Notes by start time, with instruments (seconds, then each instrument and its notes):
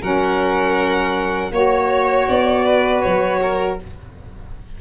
0.00 tuba F#3, saxophone C#4, violin A#4 F#5
1.51 tuba A#3, saxophone F#4, violin C#5
2.28 tuba B3, violin D5
2.65 violin B4
3.02 tuba F#3, violin C#5
3.42 violin A#4